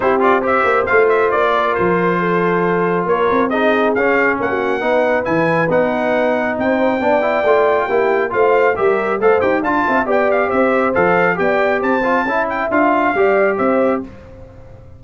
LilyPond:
<<
  \new Staff \with { instrumentName = "trumpet" } { \time 4/4 \tempo 4 = 137 c''8 d''8 e''4 f''8 e''8 d''4 | c''2. cis''4 | dis''4 f''4 fis''2 | gis''4 fis''2 g''4~ |
g''2. f''4 | e''4 f''8 g''8 a''4 g''8 f''8 | e''4 f''4 g''4 a''4~ | a''8 g''8 f''2 e''4 | }
  \new Staff \with { instrumentName = "horn" } { \time 4/4 g'4 c''2~ c''8 ais'8~ | ais'4 a'2 ais'4 | gis'2 ais'16 fis'8. b'4~ | b'2. c''4 |
d''2 g'4 c''4 | ais'4 c''4 f''8 e''8 d''4 | c''2 d''4 c''4 | e''2 d''4 c''4 | }
  \new Staff \with { instrumentName = "trombone" } { \time 4/4 e'8 f'8 g'4 f'2~ | f'1 | dis'4 cis'2 dis'4 | e'4 dis'2. |
d'8 e'8 f'4 e'4 f'4 | g'4 a'8 g'8 f'4 g'4~ | g'4 a'4 g'4. f'8 | e'4 f'4 g'2 | }
  \new Staff \with { instrumentName = "tuba" } { \time 4/4 c'4. ais8 a4 ais4 | f2. ais8 c'8~ | c'4 cis'4 ais4 b4 | e4 b2 c'4 |
b4 a4 ais4 a4 | g4 a8 dis'8 d'8 c'8 b4 | c'4 f4 b4 c'4 | cis'4 d'4 g4 c'4 | }
>>